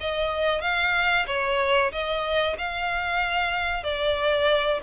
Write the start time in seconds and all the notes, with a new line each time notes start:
0.00 D#5
0.61 F5
1.27 C#5
1.92 D#5
2.57 F5
3.83 D5